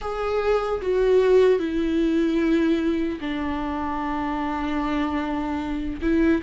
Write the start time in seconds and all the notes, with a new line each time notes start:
0.01 G#4
0.81 F#4
1.59 E4
3.20 D4
6.01 E4